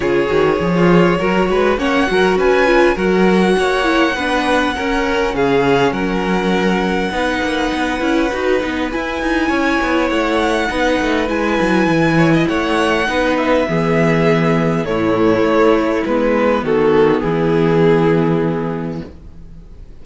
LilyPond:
<<
  \new Staff \with { instrumentName = "violin" } { \time 4/4 \tempo 4 = 101 cis''2. fis''4 | gis''4 fis''2.~ | fis''4 f''4 fis''2~ | fis''2. gis''4~ |
gis''4 fis''2 gis''4~ | gis''4 fis''4. e''4.~ | e''4 cis''2 b'4 | a'4 gis'2. | }
  \new Staff \with { instrumentName = "violin" } { \time 4/4 gis'4~ gis'16 f'8. ais'8 b'8 cis''8 ais'8 | b'4 ais'4 cis''4 b'4 | ais'4 gis'4 ais'2 | b'1 |
cis''2 b'2~ | b'8 cis''16 dis''16 cis''4 b'4 gis'4~ | gis'4 e'2. | fis'4 e'2. | }
  \new Staff \with { instrumentName = "viola" } { \time 4/4 f'8 fis'8 gis'4 fis'4 cis'8 fis'8~ | fis'8 f'8 fis'4. e'8 d'4 | cis'1 | dis'4. e'8 fis'8 dis'8 e'4~ |
e'2 dis'4 e'4~ | e'2 dis'4 b4~ | b4 a2 b4~ | b1 | }
  \new Staff \with { instrumentName = "cello" } { \time 4/4 cis8 dis8 f4 fis8 gis8 ais8 fis8 | cis'4 fis4 ais4 b4 | cis'4 cis4 fis2 | b8 ais8 b8 cis'8 dis'8 b8 e'8 dis'8 |
cis'8 b8 a4 b8 a8 gis8 fis8 | e4 a4 b4 e4~ | e4 a,4 a4 gis4 | dis4 e2. | }
>>